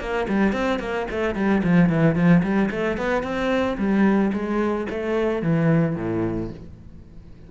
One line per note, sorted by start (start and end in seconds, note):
0.00 0.27 A#3
0.29 0.53 G3
0.53 0.80 C4
0.80 1.07 A#3
1.11 1.35 A3
1.35 1.62 G3
1.64 1.89 F3
1.89 2.15 E3
2.15 2.42 F3
2.43 2.70 G3
2.71 2.98 A3
2.98 3.23 B3
3.23 3.77 C4
3.78 4.32 G3
4.33 4.87 G#3
4.90 5.43 A3
5.43 5.96 E3
5.96 6.50 A2